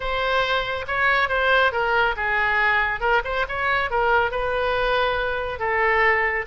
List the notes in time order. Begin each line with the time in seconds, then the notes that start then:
0.00 C5
0.87 C#5
1.29 C5
1.72 A#4
2.16 G#4
3.00 A#4
3.24 C5
3.48 C#5
3.90 A#4
4.31 B4
5.59 A4